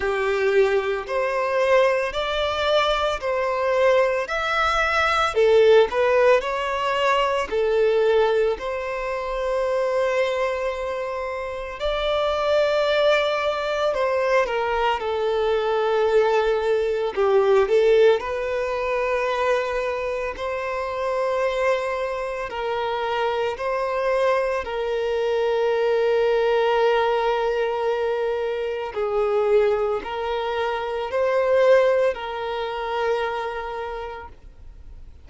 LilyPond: \new Staff \with { instrumentName = "violin" } { \time 4/4 \tempo 4 = 56 g'4 c''4 d''4 c''4 | e''4 a'8 b'8 cis''4 a'4 | c''2. d''4~ | d''4 c''8 ais'8 a'2 |
g'8 a'8 b'2 c''4~ | c''4 ais'4 c''4 ais'4~ | ais'2. gis'4 | ais'4 c''4 ais'2 | }